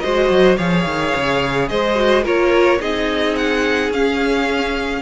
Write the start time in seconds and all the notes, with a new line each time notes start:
0.00 G#3 F#4 C5 D#5
0.29 F#3
0.57 F3 G#4 C#5 F5
0.85 D#3
1.15 C#3
1.69 G#3 C5 D#5
1.95 F#4
2.23 A#3 F4 A#4 C#5
2.80 C4 D#4 G#4 D#5
3.35 F#5
3.89 C#4 F5